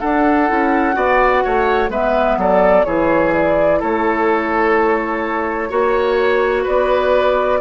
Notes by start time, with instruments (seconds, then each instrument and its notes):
0.00 clarinet D4, bassoon D4, oboe A4, flute F#5
0.48 bassoon C#4, clarinet E4
0.93 bassoon B3, clarinet F#4, oboe D5
1.44 bassoon A3, oboe C#5
1.89 bassoon G#3, clarinet B3, oboe B4, flute E5
2.37 bassoon F#3, oboe A4, flute D5
2.85 bassoon E3, clarinet E4, oboe G#4, flute C#5
3.35 flute D5
3.80 bassoon A3, oboe A4, flute C#5
5.70 bassoon A#3, clarinet F#4, oboe C#5
6.64 bassoon B3, oboe B4, flute D5